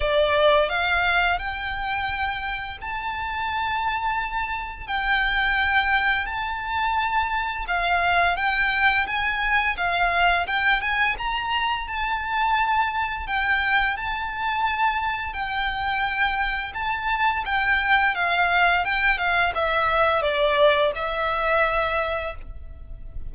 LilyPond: \new Staff \with { instrumentName = "violin" } { \time 4/4 \tempo 4 = 86 d''4 f''4 g''2 | a''2. g''4~ | g''4 a''2 f''4 | g''4 gis''4 f''4 g''8 gis''8 |
ais''4 a''2 g''4 | a''2 g''2 | a''4 g''4 f''4 g''8 f''8 | e''4 d''4 e''2 | }